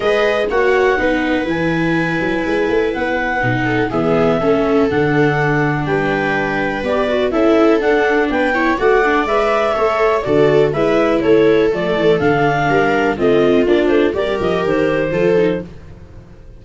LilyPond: <<
  \new Staff \with { instrumentName = "clarinet" } { \time 4/4 \tempo 4 = 123 dis''4 fis''2 gis''4~ | gis''2 fis''2 | e''2 fis''2 | g''2 d''4 e''4 |
fis''4 g''4 fis''4 e''4~ | e''4 d''4 e''4 cis''4 | d''4 f''2 dis''4 | d''8 c''8 d''8 dis''8 c''2 | }
  \new Staff \with { instrumentName = "viola" } { \time 4/4 b'4 cis''4 b'2~ | b'2.~ b'8 a'8 | gis'4 a'2. | b'2. a'4~ |
a'4 b'8 cis''8 d''2 | cis''4 a'4 b'4 a'4~ | a'2 ais'4 f'4~ | f'4 ais'2 a'4 | }
  \new Staff \with { instrumentName = "viola" } { \time 4/4 gis'4 fis'4 dis'4 e'4~ | e'2. dis'4 | b4 cis'4 d'2~ | d'2 g'8 fis'8 e'4 |
d'4. e'8 fis'8 d'8 b'4 | a'4 fis'4 e'2 | a4 d'2 c'4 | d'4 g'2 f'8 dis'8 | }
  \new Staff \with { instrumentName = "tuba" } { \time 4/4 gis4 ais4 b4 e4~ | e8 fis8 gis8 a8 b4 b,4 | e4 a4 d2 | g2 b4 cis'4 |
d'4 b4 a4 gis4 | a4 d4 gis4 a4 | f8 e8 d4 g4 a4 | ais8 a8 g8 f8 dis4 f4 | }
>>